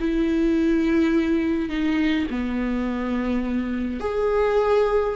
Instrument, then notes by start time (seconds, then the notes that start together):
viola
0.00 E4
1.70 D#4
2.31 B3
4.00 G#4